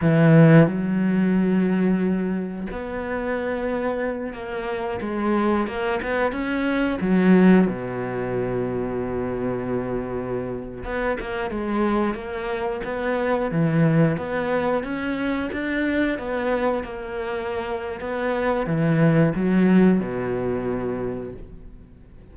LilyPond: \new Staff \with { instrumentName = "cello" } { \time 4/4 \tempo 4 = 90 e4 fis2. | b2~ b8 ais4 gis8~ | gis8 ais8 b8 cis'4 fis4 b,8~ | b,1~ |
b,16 b8 ais8 gis4 ais4 b8.~ | b16 e4 b4 cis'4 d'8.~ | d'16 b4 ais4.~ ais16 b4 | e4 fis4 b,2 | }